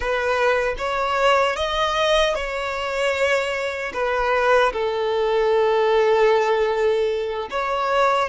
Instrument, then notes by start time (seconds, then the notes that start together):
violin
0.00 B4
0.78 C#5
1.56 D#5
2.34 C#5
3.93 B4
4.72 A4
7.50 C#5